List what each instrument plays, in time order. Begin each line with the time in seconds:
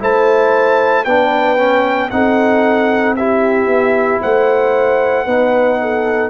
0.00 tuba A3, trombone E4, horn C5, trumpet A5
1.05 tuba B3, trombone D4, horn B4, trumpet G5
1.57 trombone C#4
2.10 tuba C4, trombone D#4, horn A4, trumpet F#5
3.16 trombone E4, horn G4, trumpet E5
3.67 tuba B3
4.21 tuba A3, horn C5, trumpet F#5
5.25 tuba B3, trombone D#4, horn B4
5.81 horn A4